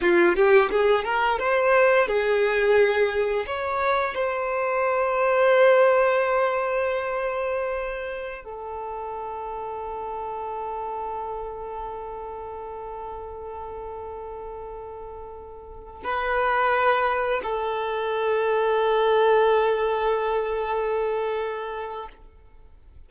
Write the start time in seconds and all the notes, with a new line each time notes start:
0.01 F4
0.35 G4
0.71 G#4
1.04 A#4
1.38 C5
2.07 G#4
3.46 C#5
4.14 C5
8.44 A4
16.03 B4
17.43 A4